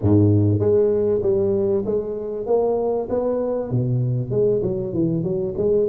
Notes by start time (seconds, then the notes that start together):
0.01 G#2
0.59 G#3
1.22 G3
1.85 G#3
2.46 A#3
3.09 B3
3.70 B2
4.30 G#3
4.62 F#3
4.93 E3
5.23 F#3
5.57 G#3